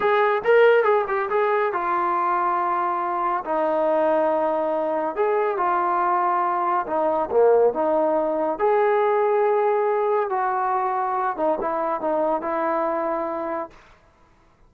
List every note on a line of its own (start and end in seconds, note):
0.00 0.42 G#4
0.44 0.83 A#4
0.83 1.04 G#4
1.07 1.29 G4
1.29 1.72 G#4
1.72 3.44 F4
3.44 5.15 D#4
5.15 5.57 G#4
5.57 6.86 F4
6.86 7.29 D#4
7.30 7.73 A#3
7.73 8.59 D#4
8.59 10.29 G#4
10.29 11.36 F#4
11.36 11.58 D#4
11.60 12.00 E4
12.00 12.41 D#4
12.41 13.70 E4